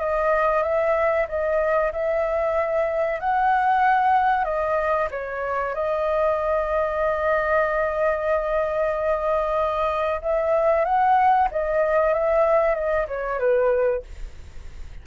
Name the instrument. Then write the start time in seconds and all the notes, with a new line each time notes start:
flute
0.00 D#5
0.63 E5
1.28 D#5
1.92 E5
3.20 F#5
4.44 D#5
5.11 C#5
5.74 D#5
10.22 E5
10.85 F#5
11.51 D#5
12.13 E5
12.75 D#5
13.07 C#5
13.39 B4